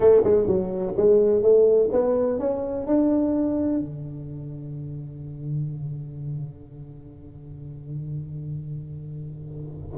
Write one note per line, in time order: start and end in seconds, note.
0.00 0.22 A3
0.24 0.46 G#3
0.46 0.94 F#3
0.97 1.42 G#3
1.42 1.90 A3
1.92 2.39 B3
2.39 2.86 C#4
2.86 3.79 D4
3.79 9.97 D3